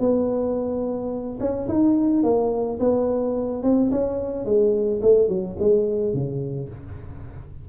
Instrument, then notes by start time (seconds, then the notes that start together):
tuba
0.00 B3
1.40 C#4
1.68 D#4
2.23 A#3
2.80 B3
3.63 C4
3.91 C#4
4.45 G#3
5.02 A3
5.29 F#3
5.60 G#3
6.14 C#3